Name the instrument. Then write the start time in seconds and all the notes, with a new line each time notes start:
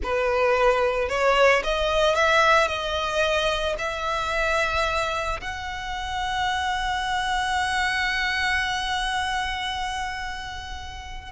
violin
0.03 B4
1.08 C#5
1.63 D#5
2.15 E5
2.67 D#5
3.78 E5
5.41 F#5